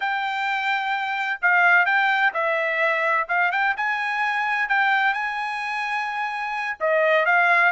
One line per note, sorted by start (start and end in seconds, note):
0.00 1.39 G5
1.41 1.85 F5
1.85 2.32 G5
2.33 3.27 E5
3.28 3.51 F5
3.51 3.75 G5
3.76 4.69 G#5
4.69 5.13 G5
5.13 6.77 G#5
6.80 7.25 D#5
7.25 7.72 F5